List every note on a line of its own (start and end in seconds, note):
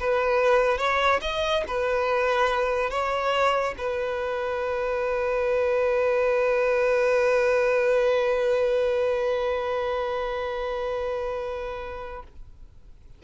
0.00 0.78 B4
0.78 1.21 C#5
1.22 1.64 D#5
1.68 2.90 B4
2.90 3.75 C#5
3.78 12.23 B4